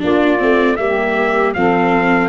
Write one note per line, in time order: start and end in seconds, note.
0.00 0.41 A#3
0.00 0.38 D4
0.00 0.77 F4
0.06 0.76 D5
0.39 0.79 A3
0.39 0.77 C4
0.76 1.55 G3
0.76 1.55 A#3
0.76 1.52 E5
0.83 1.56 G4
1.54 2.29 F3
1.54 2.29 C4
1.54 2.29 A4
1.54 2.29 F5